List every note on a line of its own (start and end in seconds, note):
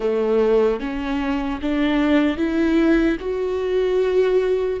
0.00 0.80 A3
0.80 1.60 C#4
1.61 2.37 D4
2.37 3.17 E4
3.20 4.80 F#4